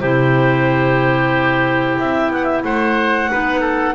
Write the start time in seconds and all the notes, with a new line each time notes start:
0.00 C3 E4 G4 C5
1.99 C4 E5
2.30 B3 F#5
2.44 E5
2.63 A3 C5 F#5
3.31 B3 D#4 B4
3.60 A4